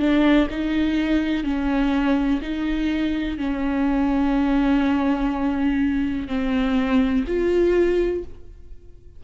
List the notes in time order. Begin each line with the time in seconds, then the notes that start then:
0.00 D4
0.51 D#4
1.44 C#4
2.42 D#4
3.38 C#4
6.28 C4
7.28 F4